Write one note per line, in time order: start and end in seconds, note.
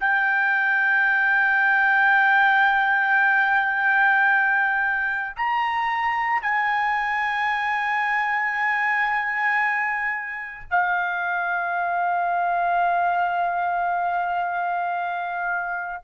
0.00 5.36 G5
5.36 6.42 A#5
6.42 10.70 G#5
10.70 16.04 F5